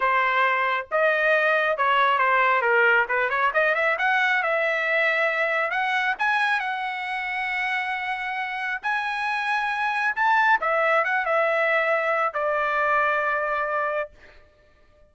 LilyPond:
\new Staff \with { instrumentName = "trumpet" } { \time 4/4 \tempo 4 = 136 c''2 dis''2 | cis''4 c''4 ais'4 b'8 cis''8 | dis''8 e''8 fis''4 e''2~ | e''4 fis''4 gis''4 fis''4~ |
fis''1 | gis''2. a''4 | e''4 fis''8 e''2~ e''8 | d''1 | }